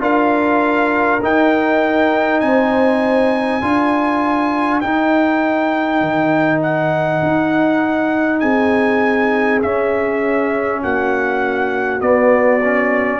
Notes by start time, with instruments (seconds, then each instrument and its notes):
0.00 tuba D4, trombone F4, horn A#4, trumpet F5
1.23 trombone D#4, tuba D#4, trumpet G5
2.41 tuba C4, horn C5, trumpet G#5
3.62 tuba D4, trombone F4, horn A#4
4.81 trombone D#4, tuba D#4, trumpet G5
6.02 tuba D#3
6.63 trumpet F#5
7.23 tuba D#4
8.40 tuba C4, horn G#4, trumpet G#5
9.62 trombone C#4, tuba C#4, trumpet E5
10.83 tuba A#3, horn F#4, trumpet F#5
12.01 trombone B3, tuba B3, trumpet D5
12.64 trombone C#4